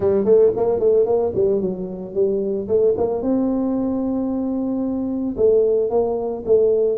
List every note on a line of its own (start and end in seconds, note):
0.00 0.24 G3
0.24 0.51 A3
0.56 0.79 A#3
0.79 1.05 A3
1.05 1.32 A#3
1.35 1.60 G3
1.60 2.14 F#3
2.14 2.67 G3
2.67 2.94 A3
2.97 3.21 A#3
3.21 5.36 C4
5.36 5.90 A3
5.90 6.43 A#3
6.45 6.98 A3